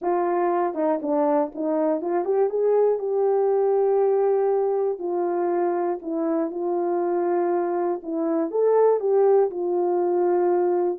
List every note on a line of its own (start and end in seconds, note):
0.01 0.74 F4
0.74 0.99 D#4
1.02 1.52 D4
1.55 2.01 D#4
2.01 2.25 F4
2.25 2.49 G4
2.49 2.98 G#4
2.98 4.98 G4
4.98 5.98 F4
6.02 6.50 E4
6.50 8.00 F4
8.02 8.50 E4
8.50 9.00 A4
9.00 9.50 G4
9.50 10.99 F4